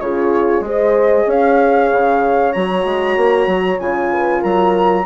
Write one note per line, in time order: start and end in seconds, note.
0.00 0.60 C#3
0.00 0.64 F4
0.00 0.65 G#4
0.00 0.63 C#5
0.60 1.23 G#3
0.60 2.53 G#4
0.60 1.26 C5
0.67 1.29 D#5
1.26 1.90 C#4
1.26 4.10 C#5
1.26 2.52 F5
1.91 2.54 C#3
2.52 2.85 F#3
2.52 3.78 F#4
2.52 3.78 A#5
2.85 3.16 G#3
3.16 3.47 A#3
3.47 3.78 F#3
3.78 4.42 C#3
3.78 5.05 F4
3.78 4.42 G#5
4.12 4.40 B4
4.40 5.05 F#3
4.40 5.03 A#4
4.40 5.05 A#5